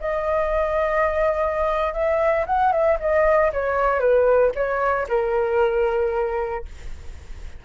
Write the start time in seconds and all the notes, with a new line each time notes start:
0.00 D#5
1.93 E5
2.46 F#5
2.72 E5
2.99 D#5
3.52 C#5
3.99 B4
4.55 C#5
5.08 A#4